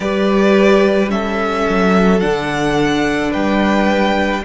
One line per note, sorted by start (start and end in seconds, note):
0.00 1.67 G3
0.00 1.08 G4
0.00 1.11 B4
0.00 1.09 D5
1.08 2.19 C#4
1.08 3.30 A4
1.08 2.20 E5
1.69 2.24 F#3
2.20 3.34 D3
2.20 4.43 D4
2.20 3.31 F#5
3.30 4.44 G3
3.30 4.41 B4
3.30 4.44 G5